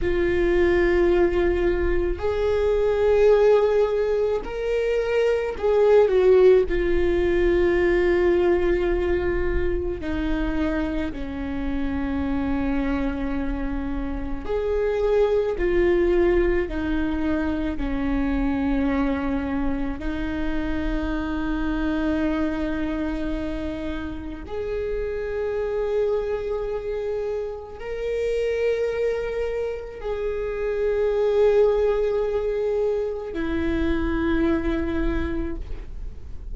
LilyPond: \new Staff \with { instrumentName = "viola" } { \time 4/4 \tempo 4 = 54 f'2 gis'2 | ais'4 gis'8 fis'8 f'2~ | f'4 dis'4 cis'2~ | cis'4 gis'4 f'4 dis'4 |
cis'2 dis'2~ | dis'2 gis'2~ | gis'4 ais'2 gis'4~ | gis'2 e'2 | }